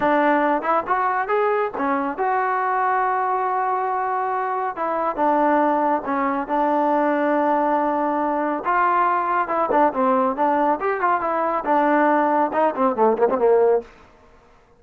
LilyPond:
\new Staff \with { instrumentName = "trombone" } { \time 4/4 \tempo 4 = 139 d'4. e'8 fis'4 gis'4 | cis'4 fis'2.~ | fis'2. e'4 | d'2 cis'4 d'4~ |
d'1 | f'2 e'8 d'8 c'4 | d'4 g'8 f'8 e'4 d'4~ | d'4 dis'8 c'8 a8 ais16 c'16 ais4 | }